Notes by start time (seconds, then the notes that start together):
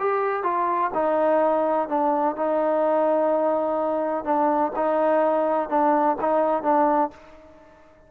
0.00 G4
0.44 F4
0.94 D#4
1.89 D4
2.36 D#4
4.25 D4
4.76 D#4
5.70 D4
6.21 D#4
6.63 D4